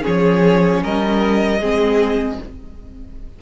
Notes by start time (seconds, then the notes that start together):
0.00 C#4 G#4
0.06 F3 C#5
0.83 G3 A#4 D#5
1.59 G#3 C4 G#4